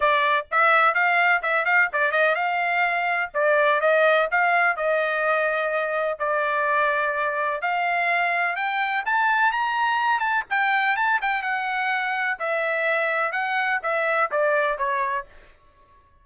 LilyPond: \new Staff \with { instrumentName = "trumpet" } { \time 4/4 \tempo 4 = 126 d''4 e''4 f''4 e''8 f''8 | d''8 dis''8 f''2 d''4 | dis''4 f''4 dis''2~ | dis''4 d''2. |
f''2 g''4 a''4 | ais''4. a''8 g''4 a''8 g''8 | fis''2 e''2 | fis''4 e''4 d''4 cis''4 | }